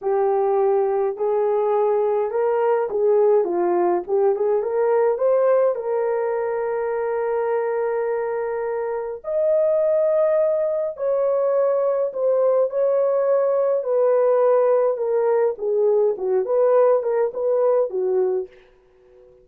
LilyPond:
\new Staff \with { instrumentName = "horn" } { \time 4/4 \tempo 4 = 104 g'2 gis'2 | ais'4 gis'4 f'4 g'8 gis'8 | ais'4 c''4 ais'2~ | ais'1 |
dis''2. cis''4~ | cis''4 c''4 cis''2 | b'2 ais'4 gis'4 | fis'8 b'4 ais'8 b'4 fis'4 | }